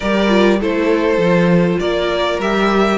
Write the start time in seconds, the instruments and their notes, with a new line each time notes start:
0.00 cello G3, viola G4, violin A#4 D5
0.28 viola F4
0.60 cello A3, viola E4, violin A4 C5
1.17 cello F3, viola F4
1.79 cello A#3, violin A#4 D5
2.38 cello G3, viola G4, violin E5